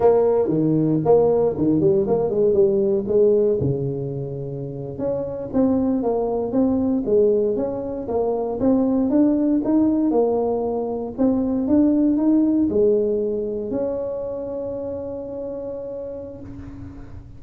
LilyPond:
\new Staff \with { instrumentName = "tuba" } { \time 4/4 \tempo 4 = 117 ais4 dis4 ais4 dis8 g8 | ais8 gis8 g4 gis4 cis4~ | cis4.~ cis16 cis'4 c'4 ais16~ | ais8. c'4 gis4 cis'4 ais16~ |
ais8. c'4 d'4 dis'4 ais16~ | ais4.~ ais16 c'4 d'4 dis'16~ | dis'8. gis2 cis'4~ cis'16~ | cis'1 | }